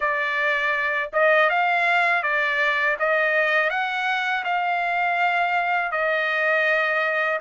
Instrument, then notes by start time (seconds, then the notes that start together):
trumpet
0.00 D5
1.12 D#5
1.49 F5
2.22 D5
2.99 D#5
3.69 F#5
4.44 F5
5.91 D#5